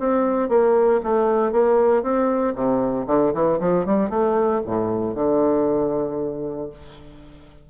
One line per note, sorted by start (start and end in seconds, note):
0.00 0.49 C4
0.49 1.01 A#3
1.04 1.53 A3
1.53 2.03 A#3
2.03 2.55 C4
2.55 3.07 C3
3.08 3.33 D3
3.34 3.60 E3
3.60 3.86 F3
3.86 4.10 G3
4.10 4.62 A3
4.66 5.15 A2
5.15 6.70 D3